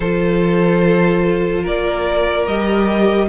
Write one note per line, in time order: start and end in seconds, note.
0.00 1.65 F3
0.00 2.48 F4
0.00 1.62 A4
0.00 1.65 C5
1.62 2.47 A#3
1.62 3.27 A#4
1.62 2.46 D5
2.46 3.28 G3
2.46 3.28 G4
2.46 3.28 D#5